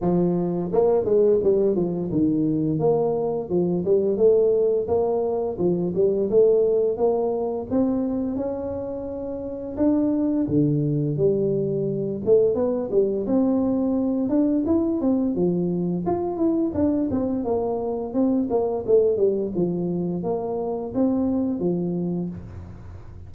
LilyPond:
\new Staff \with { instrumentName = "tuba" } { \time 4/4 \tempo 4 = 86 f4 ais8 gis8 g8 f8 dis4 | ais4 f8 g8 a4 ais4 | f8 g8 a4 ais4 c'4 | cis'2 d'4 d4 |
g4. a8 b8 g8 c'4~ | c'8 d'8 e'8 c'8 f4 f'8 e'8 | d'8 c'8 ais4 c'8 ais8 a8 g8 | f4 ais4 c'4 f4 | }